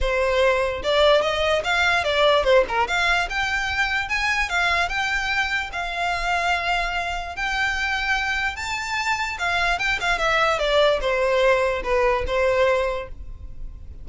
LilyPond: \new Staff \with { instrumentName = "violin" } { \time 4/4 \tempo 4 = 147 c''2 d''4 dis''4 | f''4 d''4 c''8 ais'8 f''4 | g''2 gis''4 f''4 | g''2 f''2~ |
f''2 g''2~ | g''4 a''2 f''4 | g''8 f''8 e''4 d''4 c''4~ | c''4 b'4 c''2 | }